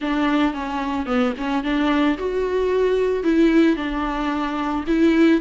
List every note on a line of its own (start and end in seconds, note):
0.01 0.53 D4
0.53 1.06 C#4
1.06 1.33 B3
1.37 1.63 C#4
1.63 2.17 D4
2.18 3.23 F#4
3.23 3.76 E4
3.76 4.84 D4
4.87 5.41 E4